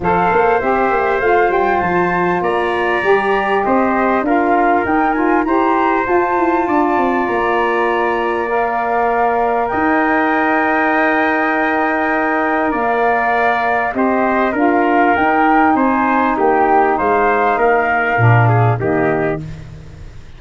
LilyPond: <<
  \new Staff \with { instrumentName = "flute" } { \time 4/4 \tempo 4 = 99 f''4 e''4 f''8 g''8 a''4 | ais''2 dis''4 f''4 | g''8 gis''8 ais''4 a''2 | ais''2 f''2 |
g''1~ | g''4 f''2 dis''4 | f''4 g''4 gis''4 g''4 | f''2. dis''4 | }
  \new Staff \with { instrumentName = "trumpet" } { \time 4/4 c''1 | d''2 c''4 ais'4~ | ais'4 c''2 d''4~ | d''1 |
dis''1~ | dis''4 d''2 c''4 | ais'2 c''4 g'4 | c''4 ais'4. gis'8 g'4 | }
  \new Staff \with { instrumentName = "saxophone" } { \time 4/4 a'4 g'4 f'2~ | f'4 g'2 f'4 | dis'8 f'8 g'4 f'2~ | f'2 ais'2~ |
ais'1~ | ais'2. g'4 | f'4 dis'2.~ | dis'2 d'4 ais4 | }
  \new Staff \with { instrumentName = "tuba" } { \time 4/4 f8 ais8 c'8 ais8 a8 g8 f4 | ais4 g4 c'4 d'4 | dis'4 e'4 f'8 e'8 d'8 c'8 | ais1 |
dis'1~ | dis'4 ais2 c'4 | d'4 dis'4 c'4 ais4 | gis4 ais4 ais,4 dis4 | }
>>